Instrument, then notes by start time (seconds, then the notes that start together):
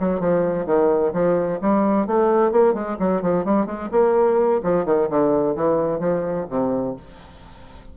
bassoon
0.00 F#3
0.20 F3
0.66 D#3
1.14 F3
1.62 G3
2.07 A3
2.52 A#3
2.74 G#3
2.99 F#3
3.22 F3
3.45 G3
3.67 G#3
3.92 A#3
4.64 F3
4.86 D#3
5.10 D3
5.56 E3
6.00 F3
6.50 C3